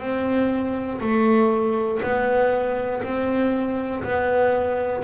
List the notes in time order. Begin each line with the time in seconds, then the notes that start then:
0.00 C4
1.00 A3
2.02 B3
3.03 C4
4.03 B3